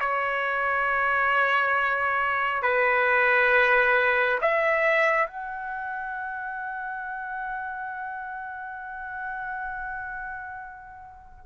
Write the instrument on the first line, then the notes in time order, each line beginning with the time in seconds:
trumpet
0.00 C#5
2.62 B4
4.41 E5
5.27 F#5